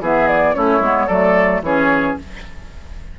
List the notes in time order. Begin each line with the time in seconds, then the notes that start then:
0.00 E3 B3 G#4 E5
0.28 D5
0.54 A3 C#4 E4 C#5
0.80 G#3 B3
1.07 F#3 A3 A4 D5
1.62 E3 C#4 G#4 C#5